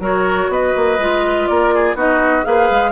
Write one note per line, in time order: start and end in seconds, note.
0.00 0.49 F#3
0.00 0.98 F#4
0.00 0.51 A#4
0.00 0.53 C#5
0.49 0.74 B3
0.49 1.50 B4
0.49 1.47 D#5
0.76 0.99 A#3
0.99 1.48 G#3
0.99 1.96 F4
1.47 1.95 A#3
1.47 1.74 A#4
1.47 1.96 D5
1.75 1.96 G#4
1.95 2.44 B3
1.95 2.43 D#4
1.95 2.45 F#4
1.95 2.45 D#5
2.43 2.71 A#3
2.43 2.92 G#4
2.43 2.92 B4
2.43 2.92 F5
2.71 2.92 G#3